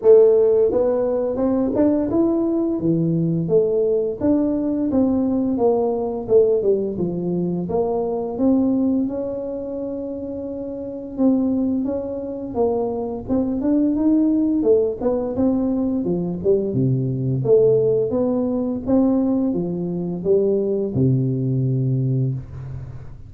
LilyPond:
\new Staff \with { instrumentName = "tuba" } { \time 4/4 \tempo 4 = 86 a4 b4 c'8 d'8 e'4 | e4 a4 d'4 c'4 | ais4 a8 g8 f4 ais4 | c'4 cis'2. |
c'4 cis'4 ais4 c'8 d'8 | dis'4 a8 b8 c'4 f8 g8 | c4 a4 b4 c'4 | f4 g4 c2 | }